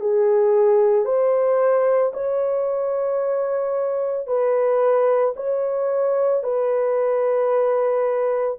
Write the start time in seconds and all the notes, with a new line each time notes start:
0.00 G#4
1.05 C5
2.13 C#5
4.27 B4
5.36 C#5
6.43 B4